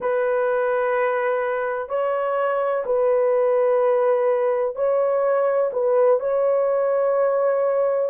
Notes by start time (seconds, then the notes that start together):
0.00 B4
1.88 C#5
2.85 B4
4.75 C#5
5.72 B4
6.19 C#5